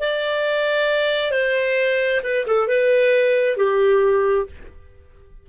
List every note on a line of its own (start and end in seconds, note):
0.00 1.31 D5
1.31 2.21 C5
2.23 2.46 B4
2.47 2.68 A4
2.68 3.57 B4
3.57 4.47 G4